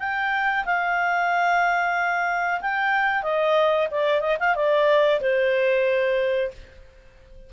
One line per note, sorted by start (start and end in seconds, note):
0.00 0.65 G5
0.66 2.61 F5
2.62 3.23 G5
3.23 3.89 D#5
3.91 4.21 D5
4.21 4.38 D#5
4.40 4.56 F5
4.56 5.21 D5
5.21 6.52 C5